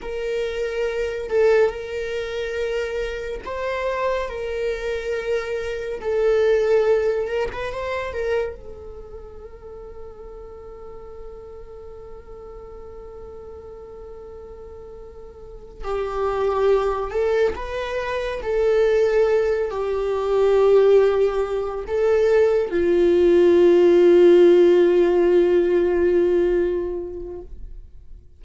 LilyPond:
\new Staff \with { instrumentName = "viola" } { \time 4/4 \tempo 4 = 70 ais'4. a'8 ais'2 | c''4 ais'2 a'4~ | a'8 ais'16 b'16 c''8 ais'8 a'2~ | a'1~ |
a'2~ a'8 g'4. | a'8 b'4 a'4. g'4~ | g'4. a'4 f'4.~ | f'1 | }